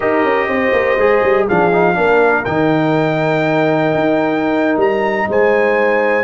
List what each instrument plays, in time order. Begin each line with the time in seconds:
0.00 tuba D#4, trombone G4, horn A#4, trumpet D#5
0.23 tuba C#4
0.47 tuba C4, horn C5
0.72 tuba A#3
0.97 tuba G#3, trombone G#4
1.23 tuba G3
1.44 tuba F3, trombone D4, horn G#4, trumpet F5
1.71 trombone D#4
1.95 tuba A#3, trombone D4, horn A#4
2.44 tuba D#3, trombone D#4, trumpet G5
3.94 tuba D#4
4.76 tuba G3, trumpet A#5
5.28 tuba G#3, horn C5, trumpet G#5